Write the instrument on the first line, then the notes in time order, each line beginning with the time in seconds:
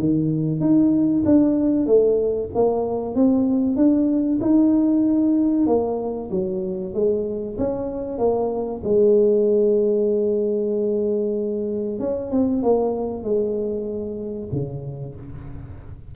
tuba
0.00 D#3
0.61 D#4
1.26 D4
1.87 A3
2.55 A#3
3.16 C4
3.76 D4
4.42 D#4
5.67 A#3
6.31 F#3
6.94 G#3
7.59 C#4
8.18 A#3
8.84 G#3
12.00 C#4
12.32 C4
12.63 A#3
13.24 G#3
14.53 C#3